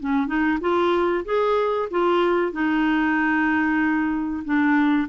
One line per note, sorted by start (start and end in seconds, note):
0.00 0.27 C#4
0.27 0.59 D#4
0.61 1.25 F4
1.25 1.89 G#4
1.91 2.52 F4
2.52 4.44 D#4
4.44 5.08 D4